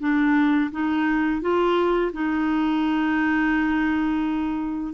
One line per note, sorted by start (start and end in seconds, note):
0.00 0.71 D4
0.72 1.41 D#4
1.41 2.12 F4
2.13 4.93 D#4